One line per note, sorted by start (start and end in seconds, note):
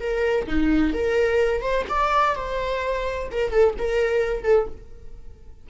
0.00 0.47 A#4
0.47 0.94 D#4
0.94 1.62 A#4
1.62 1.85 C5
1.89 2.35 D5
2.35 3.29 C5
3.32 3.51 A#4
3.51 3.75 A4
3.78 4.43 A#4
4.43 4.67 A4